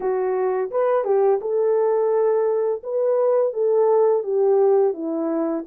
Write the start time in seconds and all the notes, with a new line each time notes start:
0.00 F#4
0.71 B4
1.04 G4
1.41 A4
2.83 B4
3.53 A4
4.23 G4
4.93 E4